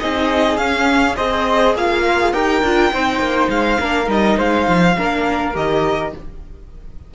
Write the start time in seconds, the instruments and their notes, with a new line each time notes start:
0.00 cello C4, viola D#4, flute G#4, violin D#5
0.58 cello C#4, viola C#4, violin F5
1.17 cello C4, viola G#4, flute C5, violin D#5
1.75 cello A#3, flute F4, violin F5
2.05 viola A#4
2.20 viola G#4
2.33 cello D#4, viola G4, flute A#4, violin G5
2.63 cello D4, viola F4
2.93 cello C4, viola D#4, flute C5
3.20 cello A#3
3.49 cello G#3, violin F5
3.81 cello A#3, viola D4, flute A#4
4.06 cello G3, viola D#4, violin D#5
4.38 cello G#3, flute C5, violin F5
4.68 cello F3
4.98 cello A#3, viola D4, flute A#4
5.54 cello D#3, viola G4, violin D#5